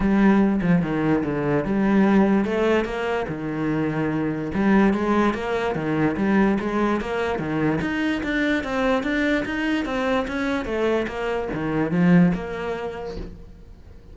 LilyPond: \new Staff \with { instrumentName = "cello" } { \time 4/4 \tempo 4 = 146 g4. f8 dis4 d4 | g2 a4 ais4 | dis2. g4 | gis4 ais4 dis4 g4 |
gis4 ais4 dis4 dis'4 | d'4 c'4 d'4 dis'4 | c'4 cis'4 a4 ais4 | dis4 f4 ais2 | }